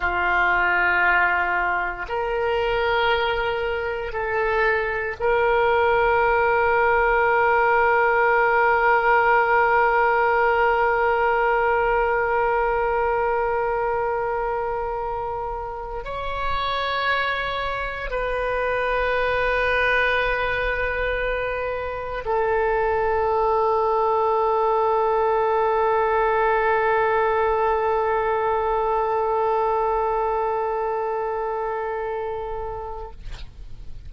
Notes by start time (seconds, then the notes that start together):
0.00 F4
2.08 A#4
4.12 A4
5.19 A#4
16.04 C#5
18.10 B4
22.25 A4